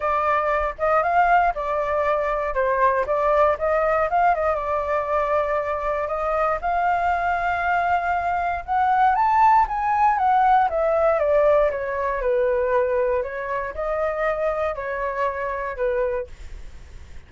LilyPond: \new Staff \with { instrumentName = "flute" } { \time 4/4 \tempo 4 = 118 d''4. dis''8 f''4 d''4~ | d''4 c''4 d''4 dis''4 | f''8 dis''8 d''2. | dis''4 f''2.~ |
f''4 fis''4 a''4 gis''4 | fis''4 e''4 d''4 cis''4 | b'2 cis''4 dis''4~ | dis''4 cis''2 b'4 | }